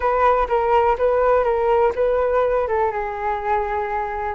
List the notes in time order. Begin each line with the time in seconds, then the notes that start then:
0.00 B4
0.48 A#4
0.98 B4
1.44 A#4
1.95 B4
2.67 A4
2.91 G#4